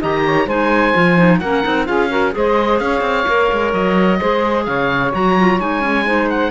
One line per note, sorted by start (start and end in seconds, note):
0.00 0.46 D#3
0.00 0.48 G4
0.00 0.23 D#5
0.00 0.49 A#5
0.24 0.46 C#5
0.46 0.93 G#3
0.46 0.94 D#4
0.46 1.39 C5
0.46 1.39 G#5
0.94 1.41 F3
0.94 1.16 F4
1.16 1.40 D#4
1.39 1.64 A#3
1.39 1.63 C#4
1.39 1.86 A#4
1.39 1.86 F#5
1.63 1.88 C4
1.63 1.85 D#4
1.85 2.35 C#4
1.85 2.08 F4
1.85 2.09 G#4
1.85 2.32 F5
2.09 2.31 F#4
2.09 2.33 A#4
2.31 2.80 G#3
2.31 3.24 G#4
2.31 2.82 C5
2.31 2.79 D#5
2.79 3.01 C#4
2.79 4.19 C#5
2.79 3.72 F5
3.01 3.24 C4
3.27 3.51 A#3
3.27 4.20 A#4
3.51 3.73 G#3
3.73 4.20 F#3
3.73 4.64 D#5
4.19 4.67 G#3
4.19 5.11 G#4
4.19 4.65 C5
4.64 5.13 C#3
4.64 6.05 C#5
4.64 5.11 F5
5.11 5.59 F#3
5.11 5.35 F#4
5.11 5.60 A#5
5.38 5.60 F4
5.59 6.51 G#3
5.59 5.80 D#4
5.59 6.29 G#5
5.80 6.03 C#4
6.05 6.51 D#4
6.05 6.51 C5
6.29 6.51 F#5